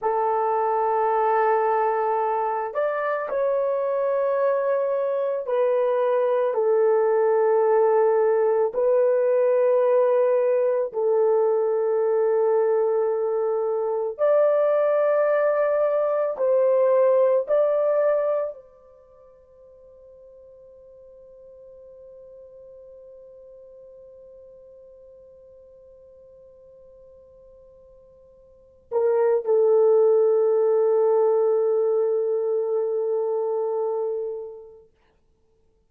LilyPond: \new Staff \with { instrumentName = "horn" } { \time 4/4 \tempo 4 = 55 a'2~ a'8 d''8 cis''4~ | cis''4 b'4 a'2 | b'2 a'2~ | a'4 d''2 c''4 |
d''4 c''2.~ | c''1~ | c''2~ c''8 ais'8 a'4~ | a'1 | }